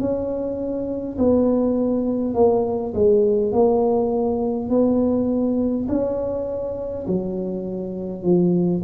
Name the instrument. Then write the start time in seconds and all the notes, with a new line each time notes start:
tuba
0.00 C#4
1.18 B3
2.34 A#3
2.94 G#3
3.52 A#3
4.70 B3
5.89 C#4
7.07 F#3
8.23 F3